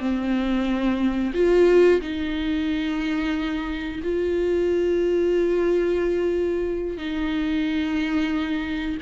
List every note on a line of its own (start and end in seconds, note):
0.00 1.33 C4
1.34 2.01 F4
2.02 4.02 D#4
4.03 6.98 F4
6.98 8.98 D#4